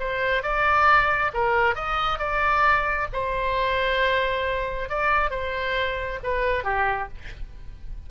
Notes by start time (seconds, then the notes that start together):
0.00 C5
0.43 D5
1.34 A#4
1.76 D#5
2.19 D5
3.13 C5
4.90 D5
5.31 C5
6.24 B4
6.64 G4